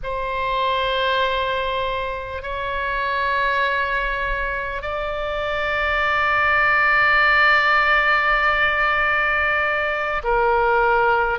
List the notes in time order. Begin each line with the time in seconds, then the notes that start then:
0.03 C5
2.42 C#5
4.82 D5
10.23 A#4